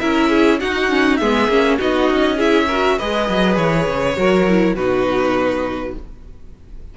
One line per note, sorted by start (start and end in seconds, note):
0.00 0.62 C#4
0.00 0.60 E4
0.00 0.30 A#4
0.00 0.59 E5
0.30 0.60 G#4
0.60 0.89 D#4
0.60 1.22 D#4
0.60 1.19 F#4
0.60 1.17 F#5
0.89 1.19 C#4
1.17 1.48 G#3
1.17 1.50 B3
1.17 1.79 G#4
1.17 1.77 E5
1.48 1.78 A#3
1.48 1.79 C#4
1.79 2.10 B3
1.79 2.38 D#4
1.79 2.37 F#4
1.79 2.40 D#5
2.10 2.99 C#4
2.37 2.68 E4
2.37 2.66 G#4
2.37 2.99 E5
2.67 3.00 F#4
2.67 2.97 A#4
2.98 3.29 G#3
2.98 4.17 G#4
2.98 4.17 B4
2.98 3.56 D#5
3.29 3.58 F#3
3.56 3.87 E3
3.56 4.75 C#5
3.87 4.17 C#3
4.17 4.75 F#3
4.17 4.46 F#4
4.17 4.76 A#4
4.48 4.78 E4
4.75 5.94 B2
4.75 5.97 D#4
4.75 5.95 F#4
4.75 5.95 B4